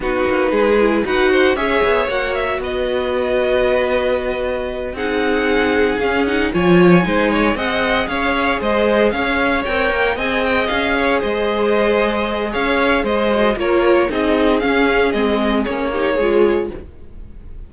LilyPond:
<<
  \new Staff \with { instrumentName = "violin" } { \time 4/4 \tempo 4 = 115 b'2 fis''4 e''4 | fis''8 e''8 dis''2.~ | dis''4. fis''2 f''8 | fis''8 gis''2 fis''4 f''8~ |
f''8 dis''4 f''4 g''4 gis''8 | g''8 f''4 dis''2~ dis''8 | f''4 dis''4 cis''4 dis''4 | f''4 dis''4 cis''2 | }
  \new Staff \with { instrumentName = "violin" } { \time 4/4 fis'4 gis'4 b'8 c''8 cis''4~ | cis''4 b'2.~ | b'4. gis'2~ gis'8~ | gis'8 cis''4 c''8 cis''8 dis''4 cis''8~ |
cis''8 c''4 cis''2 dis''8~ | dis''4 cis''8 c''2~ c''8 | cis''4 c''4 ais'4 gis'4~ | gis'2~ gis'8 g'8 gis'4 | }
  \new Staff \with { instrumentName = "viola" } { \time 4/4 dis'4. e'8 fis'4 gis'4 | fis'1~ | fis'4. dis'2 cis'8 | dis'8 f'4 dis'4 gis'4.~ |
gis'2~ gis'8 ais'4 gis'8~ | gis'1~ | gis'4. fis'8 f'4 dis'4 | cis'4 c'4 cis'8 dis'8 f'4 | }
  \new Staff \with { instrumentName = "cello" } { \time 4/4 b8 ais8 gis4 dis'4 cis'8 b8 | ais4 b2.~ | b4. c'2 cis'8~ | cis'8 f4 gis4 c'4 cis'8~ |
cis'8 gis4 cis'4 c'8 ais8 c'8~ | c'8 cis'4 gis2~ gis8 | cis'4 gis4 ais4 c'4 | cis'4 gis4 ais4 gis4 | }
>>